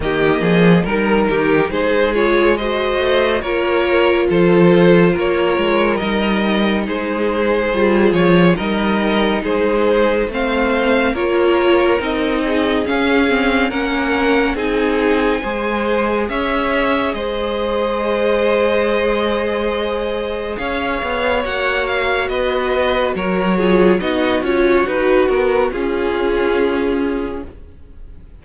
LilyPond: <<
  \new Staff \with { instrumentName = "violin" } { \time 4/4 \tempo 4 = 70 dis''4 ais'4 c''8 cis''8 dis''4 | cis''4 c''4 cis''4 dis''4 | c''4. cis''8 dis''4 c''4 | f''4 cis''4 dis''4 f''4 |
fis''4 gis''2 e''4 | dis''1 | f''4 fis''8 f''8 dis''4 cis''4 | dis''8 cis''8 b'8 ais'8 gis'2 | }
  \new Staff \with { instrumentName = "violin" } { \time 4/4 g'8 gis'8 ais'8 g'8 gis'4 c''4 | ais'4 a'4 ais'2 | gis'2 ais'4 gis'4 | c''4 ais'4. gis'4. |
ais'4 gis'4 c''4 cis''4 | c''1 | cis''2 b'4 ais'8 gis'8 | fis'2 f'2 | }
  \new Staff \with { instrumentName = "viola" } { \time 4/4 ais4 dis'4. f'8 fis'4 | f'2. dis'4~ | dis'4 f'4 dis'2 | c'4 f'4 dis'4 cis'8 c'8 |
cis'4 dis'4 gis'2~ | gis'1~ | gis'4 fis'2~ fis'8 f'8 | dis'8 f'8 fis'4 cis'2 | }
  \new Staff \with { instrumentName = "cello" } { \time 4/4 dis8 f8 g8 dis8 gis4. a8 | ais4 f4 ais8 gis8 g4 | gis4 g8 f8 g4 gis4 | a4 ais4 c'4 cis'4 |
ais4 c'4 gis4 cis'4 | gis1 | cis'8 b8 ais4 b4 fis4 | b8 cis'8 dis'8 b8 cis'2 | }
>>